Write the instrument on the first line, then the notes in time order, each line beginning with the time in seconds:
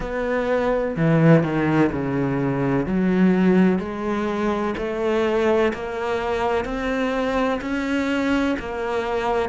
cello
0.00 B3
0.96 E3
1.43 D#3
1.91 C#3
2.86 F#3
3.78 G#3
4.77 A3
5.73 A#3
6.64 C4
7.61 C#4
8.59 A#3